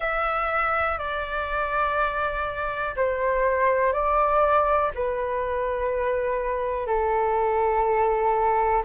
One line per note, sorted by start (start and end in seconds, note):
0.00 0.98 E5
0.98 2.95 D5
2.96 3.93 C5
3.93 4.91 D5
4.94 6.86 B4
6.86 8.83 A4